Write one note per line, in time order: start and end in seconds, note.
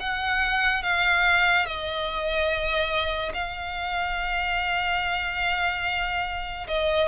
0.00 0.83 F#5
0.83 1.66 F5
1.66 3.33 D#5
3.34 6.67 F5
6.68 7.08 D#5